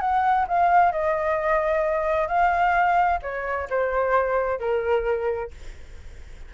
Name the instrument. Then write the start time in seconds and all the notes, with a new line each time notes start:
flute
0.00 F#5
0.47 F5
0.91 D#5
2.28 F5
3.22 C#5
3.69 C5
4.59 A#4